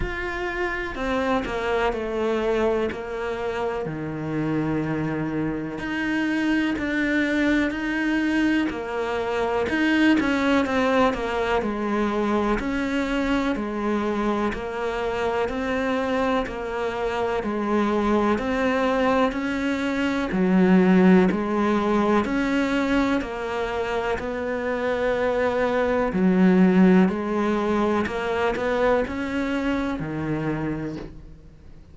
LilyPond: \new Staff \with { instrumentName = "cello" } { \time 4/4 \tempo 4 = 62 f'4 c'8 ais8 a4 ais4 | dis2 dis'4 d'4 | dis'4 ais4 dis'8 cis'8 c'8 ais8 | gis4 cis'4 gis4 ais4 |
c'4 ais4 gis4 c'4 | cis'4 fis4 gis4 cis'4 | ais4 b2 fis4 | gis4 ais8 b8 cis'4 dis4 | }